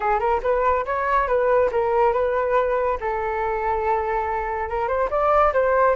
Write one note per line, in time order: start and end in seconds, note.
0.00 0.19 G#4
0.19 0.40 A#4
0.42 0.85 B4
0.85 1.27 C#5
1.27 1.70 B4
1.71 2.13 A#4
2.13 2.98 B4
3.00 4.69 A4
4.69 4.88 A#4
4.88 5.09 C5
5.10 5.52 D5
5.53 5.96 C5